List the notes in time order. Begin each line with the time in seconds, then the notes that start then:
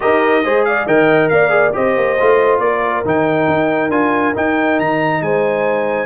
0.00 D#4 G4 A#4 D#5
0.44 G#3 G#4 C5
0.64 D5 F5
0.86 D#3 A#4 D#5 G5
1.28 A#3 D5 F5
1.49 G#4
1.73 C4 G4 C5 D#5
1.96 A#3
2.20 A3 F4
2.59 A#3 A#4 D5
3.04 D#3 D#4 G5
3.47 D#4
3.89 D4 F4 G#5
4.34 D#4 G5
4.79 D#3 A#5
5.21 G#3 C5 G#5